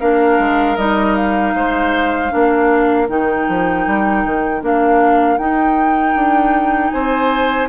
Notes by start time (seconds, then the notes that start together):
0.00 A#3 D4 A#4 F5
0.39 G#3
0.77 G3 D#4 D#5
1.16 F5
1.54 G#3 C5
2.30 A#3 D4 A#4
3.08 D#3 D#4 G5
3.48 F3
3.87 G3
4.25 D#3
4.62 A#3 D4 F5
5.38 D#4 G5
6.15 D4
6.91 C4 C5 G#5